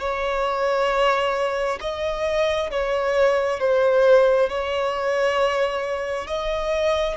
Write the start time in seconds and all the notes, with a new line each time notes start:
0.00 C#5
1.81 D#5
2.71 C#5
3.60 C5
4.50 C#5
6.27 D#5